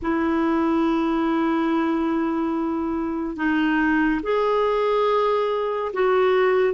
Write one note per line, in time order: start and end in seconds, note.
0.02 3.36 E4
3.36 4.21 D#4
4.23 5.92 G#4
5.93 6.74 F#4